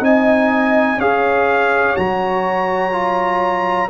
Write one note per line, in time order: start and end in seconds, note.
0.00 0.97 C4
0.00 0.97 D#4
0.00 0.99 D#5
0.00 1.00 G#5
0.98 1.94 C#4
0.98 1.96 G#4
0.98 3.89 C#5
0.98 1.96 F5
1.96 3.90 F#3
1.96 2.92 F#4
1.96 3.90 A#5
2.92 3.89 F4